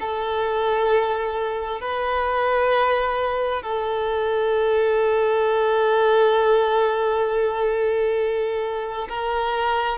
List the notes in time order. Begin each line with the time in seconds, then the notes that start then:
0.00 A4
1.81 B4
3.63 A4
9.09 A#4